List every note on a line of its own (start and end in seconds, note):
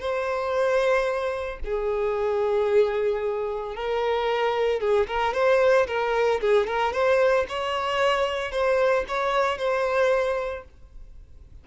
0.00 1.59 C5
1.65 3.76 G#4
3.76 4.80 A#4
4.80 5.07 G#4
5.07 5.34 A#4
5.34 5.87 C5
5.87 6.41 A#4
6.41 6.67 G#4
6.67 6.93 A#4
6.93 7.46 C5
7.49 8.52 C#5
8.52 9.05 C5
9.08 9.58 C#5
9.58 10.64 C5